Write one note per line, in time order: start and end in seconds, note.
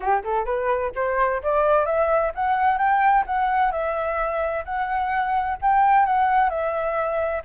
0.00 0.23 G4
0.23 0.45 A4
0.45 0.92 B4
0.95 1.41 C5
1.42 1.85 D5
1.85 2.32 E5
2.34 2.78 F#5
2.78 3.24 G5
3.26 3.71 F#5
3.71 4.64 E5
4.64 5.57 F#5
5.61 6.05 G5
6.05 6.49 F#5
6.49 7.42 E5